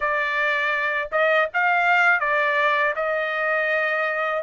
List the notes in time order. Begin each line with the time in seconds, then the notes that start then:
0.00 D5
1.11 D#5
1.53 F5
2.20 D5
2.95 D#5